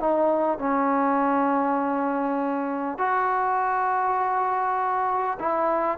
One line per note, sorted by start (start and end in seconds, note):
0.00 0.59 D#4
0.59 2.98 C#4
2.98 5.38 F#4
5.40 5.99 E4